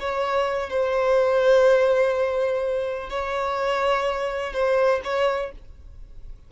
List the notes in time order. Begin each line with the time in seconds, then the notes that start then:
0.00 C#5
0.70 C5
3.10 C#5
4.53 C5
5.04 C#5